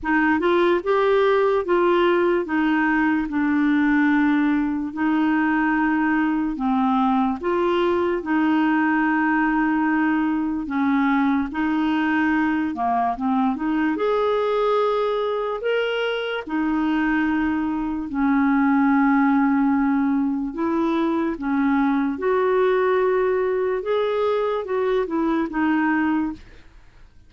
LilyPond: \new Staff \with { instrumentName = "clarinet" } { \time 4/4 \tempo 4 = 73 dis'8 f'8 g'4 f'4 dis'4 | d'2 dis'2 | c'4 f'4 dis'2~ | dis'4 cis'4 dis'4. ais8 |
c'8 dis'8 gis'2 ais'4 | dis'2 cis'2~ | cis'4 e'4 cis'4 fis'4~ | fis'4 gis'4 fis'8 e'8 dis'4 | }